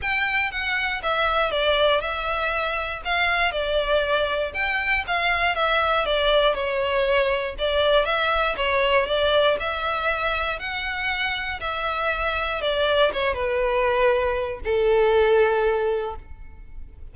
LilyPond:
\new Staff \with { instrumentName = "violin" } { \time 4/4 \tempo 4 = 119 g''4 fis''4 e''4 d''4 | e''2 f''4 d''4~ | d''4 g''4 f''4 e''4 | d''4 cis''2 d''4 |
e''4 cis''4 d''4 e''4~ | e''4 fis''2 e''4~ | e''4 d''4 cis''8 b'4.~ | b'4 a'2. | }